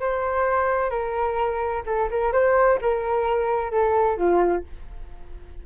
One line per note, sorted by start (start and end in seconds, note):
0.00 0.90 C5
0.90 1.83 A#4
1.86 2.09 A4
2.11 2.32 A#4
2.32 2.79 C5
2.81 3.71 A#4
3.71 4.17 A4
4.17 4.64 F4